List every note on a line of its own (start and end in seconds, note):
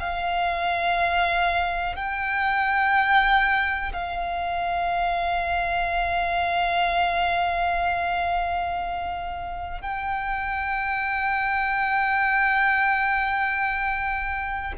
0.00 1.96 F5
1.96 3.93 G5
3.93 9.81 F5
9.81 14.73 G5